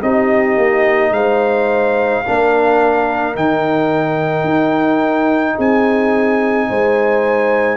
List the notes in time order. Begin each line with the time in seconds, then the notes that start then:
0.00 C4 D#4 G4 D#5
0.56 A#3
1.11 G#3 C5 F5
2.25 A#3 D4 A#4
3.34 D#3 D#4 G5
4.43 D#4
5.55 C4 G#4 G#5
6.69 G#3 C5